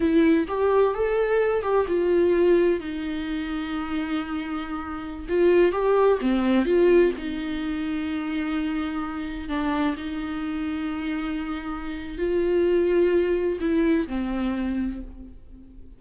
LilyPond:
\new Staff \with { instrumentName = "viola" } { \time 4/4 \tempo 4 = 128 e'4 g'4 a'4. g'8 | f'2 dis'2~ | dis'2.~ dis'16 f'8.~ | f'16 g'4 c'4 f'4 dis'8.~ |
dis'1~ | dis'16 d'4 dis'2~ dis'8.~ | dis'2 f'2~ | f'4 e'4 c'2 | }